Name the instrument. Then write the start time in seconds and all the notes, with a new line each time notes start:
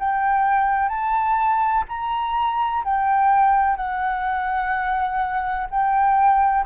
flute
0.00 G5
0.89 A5
1.89 A#5
2.84 G5
3.77 F#5
5.71 G5